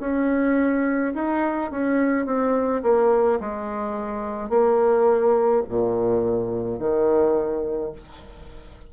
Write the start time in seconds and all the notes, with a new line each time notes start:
0.00 C#4
1.14 D#4
1.71 C#4
2.26 C4
2.83 A#3
3.40 G#3
4.50 A#3
5.69 A#2
6.79 D#3